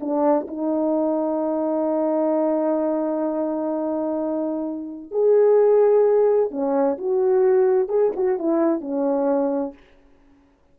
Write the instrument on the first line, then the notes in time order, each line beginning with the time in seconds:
horn
0.00 D4
0.47 D#4
5.11 G#4
6.51 C#4
6.98 F#4
7.88 G#4
8.16 F#4
8.39 E4
8.81 C#4